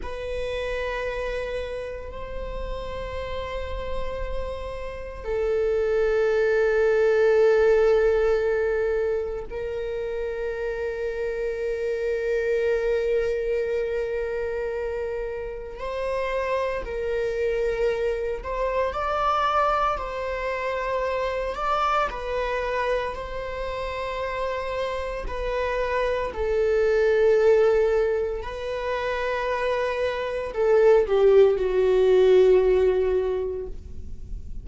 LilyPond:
\new Staff \with { instrumentName = "viola" } { \time 4/4 \tempo 4 = 57 b'2 c''2~ | c''4 a'2.~ | a'4 ais'2.~ | ais'2. c''4 |
ais'4. c''8 d''4 c''4~ | c''8 d''8 b'4 c''2 | b'4 a'2 b'4~ | b'4 a'8 g'8 fis'2 | }